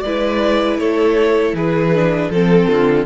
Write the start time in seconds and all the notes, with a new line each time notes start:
0.00 G#3 E4 B4 D5
0.78 A3 A4 C#5
1.52 E3 G#4 B4
1.94 D4
2.29 F3 C4 A4
2.68 D3 F4